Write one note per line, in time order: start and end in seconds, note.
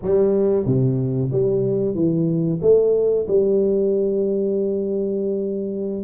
0.01 0.65 G3
0.65 1.30 C3
1.32 1.94 G3
1.94 2.60 E3
2.61 3.26 A3
3.27 6.03 G3